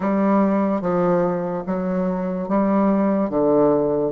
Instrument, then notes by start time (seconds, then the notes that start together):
bassoon
0.00 G3
0.81 F3
1.67 F#3
2.48 G3
3.29 D3